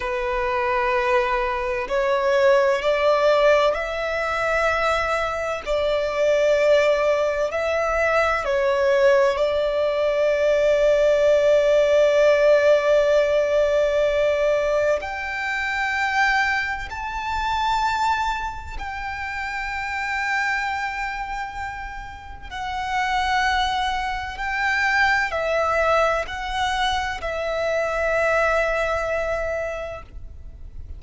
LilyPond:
\new Staff \with { instrumentName = "violin" } { \time 4/4 \tempo 4 = 64 b'2 cis''4 d''4 | e''2 d''2 | e''4 cis''4 d''2~ | d''1 |
g''2 a''2 | g''1 | fis''2 g''4 e''4 | fis''4 e''2. | }